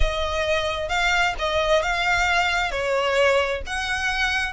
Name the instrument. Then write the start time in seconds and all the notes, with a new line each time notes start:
violin
0.00 D#5
0.89 F5
1.38 D#5
1.82 F5
2.71 C#5
3.66 F#5